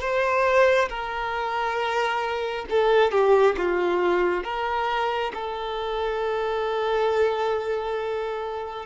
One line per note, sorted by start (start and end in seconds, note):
0.00 0.88 C5
0.89 2.65 A#4
2.70 3.11 A4
3.11 3.55 G4
3.57 4.44 F4
4.44 5.32 A#4
5.33 8.85 A4